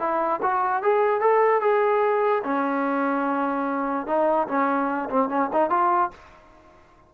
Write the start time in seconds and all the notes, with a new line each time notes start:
0.00 E4
0.43 F#4
0.83 G#4
1.21 A4
1.62 G#4
2.44 C#4
4.07 D#4
4.48 C#4
5.10 C4
5.29 C#4
5.53 D#4
5.70 F4